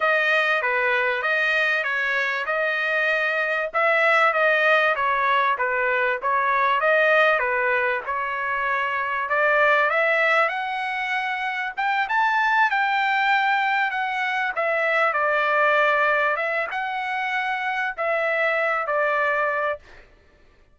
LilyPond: \new Staff \with { instrumentName = "trumpet" } { \time 4/4 \tempo 4 = 97 dis''4 b'4 dis''4 cis''4 | dis''2 e''4 dis''4 | cis''4 b'4 cis''4 dis''4 | b'4 cis''2 d''4 |
e''4 fis''2 g''8 a''8~ | a''8 g''2 fis''4 e''8~ | e''8 d''2 e''8 fis''4~ | fis''4 e''4. d''4. | }